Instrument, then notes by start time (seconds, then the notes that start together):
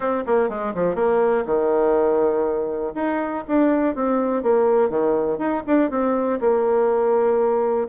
bassoon
0.00 C4
0.26 A#3
0.49 G#3
0.74 F3
0.95 A#3
1.45 D#3
2.95 D#4
3.47 D4
3.95 C4
4.43 A#3
4.89 D#3
5.38 D#4
5.66 D4
5.90 C4
6.40 A#3